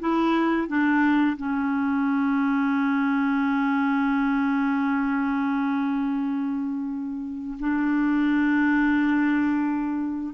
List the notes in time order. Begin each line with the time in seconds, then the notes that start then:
0.00 E4
0.67 D4
1.37 C#4
7.60 D4